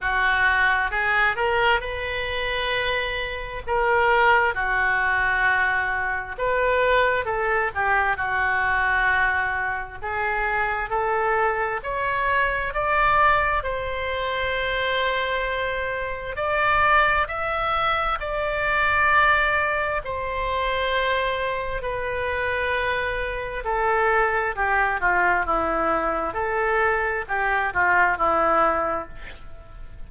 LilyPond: \new Staff \with { instrumentName = "oboe" } { \time 4/4 \tempo 4 = 66 fis'4 gis'8 ais'8 b'2 | ais'4 fis'2 b'4 | a'8 g'8 fis'2 gis'4 | a'4 cis''4 d''4 c''4~ |
c''2 d''4 e''4 | d''2 c''2 | b'2 a'4 g'8 f'8 | e'4 a'4 g'8 f'8 e'4 | }